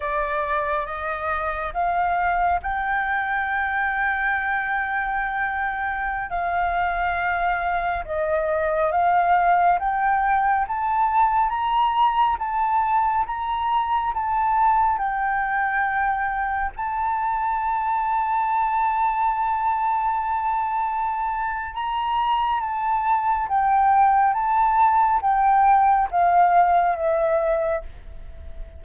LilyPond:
\new Staff \with { instrumentName = "flute" } { \time 4/4 \tempo 4 = 69 d''4 dis''4 f''4 g''4~ | g''2.~ g''16 f''8.~ | f''4~ f''16 dis''4 f''4 g''8.~ | g''16 a''4 ais''4 a''4 ais''8.~ |
ais''16 a''4 g''2 a''8.~ | a''1~ | a''4 ais''4 a''4 g''4 | a''4 g''4 f''4 e''4 | }